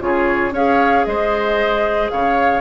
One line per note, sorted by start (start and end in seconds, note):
0.00 0.52 C#3
0.00 0.52 F4
0.00 0.54 G#4
0.00 0.53 C#5
0.52 1.04 C#4
0.52 2.61 G#4
0.52 1.06 C#5
0.52 1.05 F5
1.05 2.11 G#3
1.05 2.12 C5
1.05 2.10 D#5
2.10 2.61 C#3
2.10 2.61 C#5
2.10 2.61 F5